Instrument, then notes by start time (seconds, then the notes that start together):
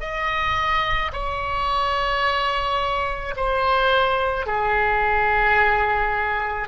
oboe
0.00 D#5
1.13 C#5
3.36 C5
4.46 G#4